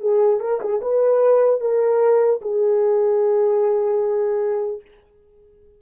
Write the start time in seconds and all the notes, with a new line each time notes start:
0.00 G#4
0.40 A#4
0.61 G#4
0.81 B4
1.61 A#4
2.41 G#4